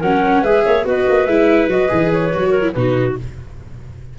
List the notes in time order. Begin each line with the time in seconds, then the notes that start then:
0.00 F#3 C#4 A#4 F#5
0.42 G#3 G#4 B4 E5
0.65 A#3 C#5
0.85 B3 F#4 B4 D#5
1.09 A#3
1.26 G#3 E4 E5
1.67 F#3 F#4 D#5
1.89 E3 G#4
2.13 C#5
2.34 F#3 F#4
2.50 A#4
2.63 E4
2.73 B2 D#4 F#4 B4